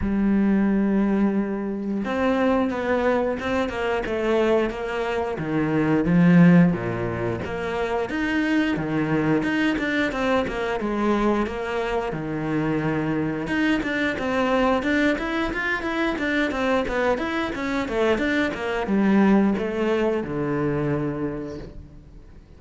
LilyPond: \new Staff \with { instrumentName = "cello" } { \time 4/4 \tempo 4 = 89 g2. c'4 | b4 c'8 ais8 a4 ais4 | dis4 f4 ais,4 ais4 | dis'4 dis4 dis'8 d'8 c'8 ais8 |
gis4 ais4 dis2 | dis'8 d'8 c'4 d'8 e'8 f'8 e'8 | d'8 c'8 b8 e'8 cis'8 a8 d'8 ais8 | g4 a4 d2 | }